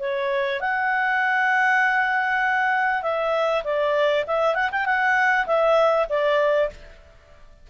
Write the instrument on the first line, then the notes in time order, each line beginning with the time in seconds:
clarinet
0.00 C#5
0.61 F#5
3.03 E5
3.65 D5
4.27 E5
4.55 F#5
4.72 G5
4.86 F#5
5.47 E5
6.10 D5